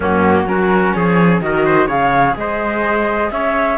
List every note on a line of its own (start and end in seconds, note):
0.00 0.46 F#2
0.00 0.46 A#3
0.00 0.44 C#4
0.00 0.48 F#4
0.46 0.93 F#3
0.46 1.40 C#4
0.46 0.96 F#4
0.46 0.93 A#4
0.93 1.40 F3
0.93 1.43 G#4
0.93 1.40 C#5
1.40 1.87 D#3
1.40 1.88 F#4
1.40 1.65 A#4
1.40 1.88 D#5
1.65 1.87 C5
1.87 2.34 C#3
1.87 3.77 G#4
1.87 2.34 C#5
1.87 2.36 F5
2.35 3.30 G#3
2.35 3.32 C5
2.35 3.31 D#5
3.31 3.78 C#4
3.31 3.78 C#5
3.31 3.78 E5